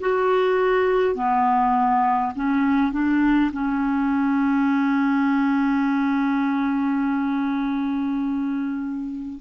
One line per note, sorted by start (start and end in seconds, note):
0.00 1.14 F#4
1.14 2.32 B3
2.35 2.92 C#4
2.92 3.51 D4
3.52 9.40 C#4